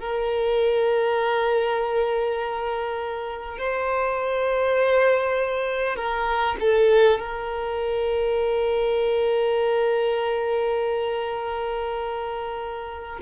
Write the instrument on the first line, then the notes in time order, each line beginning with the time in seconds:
violin
0.00 A#4
3.58 C5
5.97 A#4
6.61 A4
7.20 A#4